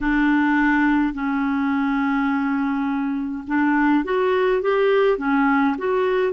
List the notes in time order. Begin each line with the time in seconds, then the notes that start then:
0.00 D4
1.13 C#4
3.47 D4
4.04 F#4
4.62 G4
5.18 C#4
5.77 F#4